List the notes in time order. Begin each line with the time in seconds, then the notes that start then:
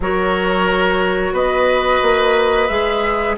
0.00 F#3 F#4 A#4 C#5
1.32 B3 B4 D#5
2.01 A#3
2.68 G#3 G#4 E5